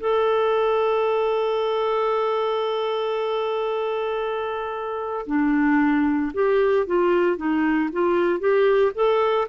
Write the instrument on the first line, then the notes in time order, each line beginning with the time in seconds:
clarinet
0.00 A4
5.27 D4
6.34 G4
6.87 F4
7.37 D#4
7.93 F4
8.40 G4
8.95 A4